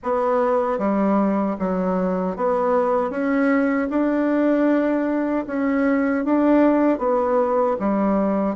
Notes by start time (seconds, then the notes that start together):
0.03 B3
0.78 G3
1.59 F#3
2.36 B3
3.10 C#4
3.90 D4
5.47 C#4
6.24 D4
6.98 B3
7.79 G3